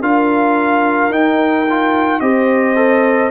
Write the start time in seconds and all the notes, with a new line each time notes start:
0.00 D4 F4 A#4 F5
1.09 D#4 G5
1.69 F4
2.20 C4 G4 C5 D#5
2.75 A4